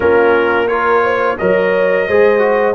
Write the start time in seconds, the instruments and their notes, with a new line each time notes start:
0.00 tuba A#3, trombone C#4, horn F4, trumpet A#4
0.67 trombone F4, horn A#4, trumpet C#5
1.03 horn C5
1.37 tuba F#3, trombone A#4, horn C#5, trumpet D#5
2.07 tuba G#3, trombone G#4, horn C5
2.39 trombone F#4